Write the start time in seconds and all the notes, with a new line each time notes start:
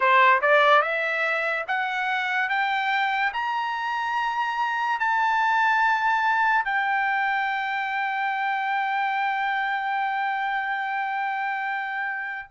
0.00 C5
0.41 D5
0.81 E5
1.67 F#5
2.48 G5
3.33 A#5
4.99 A5
6.64 G5